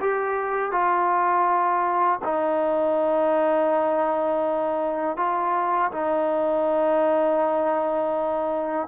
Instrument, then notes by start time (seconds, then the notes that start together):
trombone
0.00 G4
0.71 F4
2.24 D#4
5.17 F4
5.91 D#4